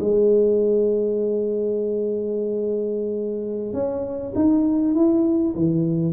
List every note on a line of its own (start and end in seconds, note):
0.00 3.74 G#3
3.74 4.34 C#4
4.35 4.95 D#4
4.95 5.55 E4
5.55 6.13 E3